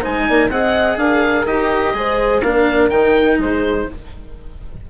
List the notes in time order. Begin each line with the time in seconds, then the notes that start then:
0.00 G#3 D#4 C5 G#5
0.27 A#3 D5
0.49 C4 G#4 D#5 F#5
0.96 D4 A#4 F5
1.46 D#4 G4 D#5
1.94 G#3 G#4 C5
2.42 A#3 D4 A#4 F5
2.89 D#3 D#4 G5
3.38 G#3 G#4 C5